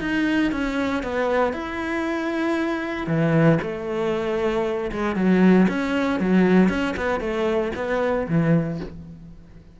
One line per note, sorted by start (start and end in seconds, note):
0.00 0.52 D#4
0.52 1.03 C#4
1.03 1.53 B3
1.53 3.07 E4
3.07 3.58 E3
3.62 4.91 A3
4.92 5.15 G#3
5.15 5.67 F#3
5.68 6.20 C#4
6.20 6.69 F#3
6.69 6.95 C#4
6.96 7.20 B3
7.20 7.72 A3
7.75 8.27 B3
8.28 8.80 E3